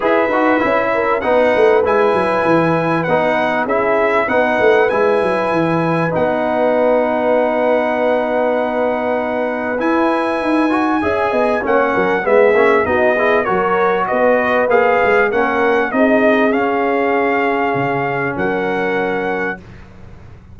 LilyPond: <<
  \new Staff \with { instrumentName = "trumpet" } { \time 4/4 \tempo 4 = 98 e''2 fis''4 gis''4~ | gis''4 fis''4 e''4 fis''4 | gis''2 fis''2~ | fis''1 |
gis''2. fis''4 | e''4 dis''4 cis''4 dis''4 | f''4 fis''4 dis''4 f''4~ | f''2 fis''2 | }
  \new Staff \with { instrumentName = "horn" } { \time 4/4 b'4. ais'8 b'2~ | b'2 gis'4 b'4~ | b'1~ | b'1~ |
b'2 e''8 dis''8 cis''8 ais'8 | gis'4 fis'8 gis'8 ais'4 b'4~ | b'4 ais'4 gis'2~ | gis'2 ais'2 | }
  \new Staff \with { instrumentName = "trombone" } { \time 4/4 gis'8 fis'8 e'4 dis'4 e'4~ | e'4 dis'4 e'4 dis'4 | e'2 dis'2~ | dis'1 |
e'4. fis'8 gis'4 cis'4 | b8 cis'8 dis'8 e'8 fis'2 | gis'4 cis'4 dis'4 cis'4~ | cis'1 | }
  \new Staff \with { instrumentName = "tuba" } { \time 4/4 e'8 dis'8 cis'4 b8 a8 gis8 fis8 | e4 b4 cis'4 b8 a8 | gis8 fis8 e4 b2~ | b1 |
e'4 dis'4 cis'8 b8 ais8 fis8 | gis8 ais8 b4 fis4 b4 | ais8 gis8 ais4 c'4 cis'4~ | cis'4 cis4 fis2 | }
>>